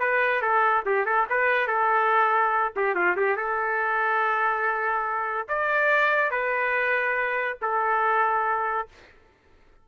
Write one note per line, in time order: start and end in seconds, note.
0.00 0.42 B4
0.42 0.84 A4
0.86 1.06 G4
1.06 1.27 A4
1.30 1.68 B4
1.68 2.73 A4
2.76 2.95 G4
2.95 3.16 F4
3.17 3.37 G4
3.37 5.48 A4
5.49 6.31 D5
6.31 7.58 B4
7.62 8.89 A4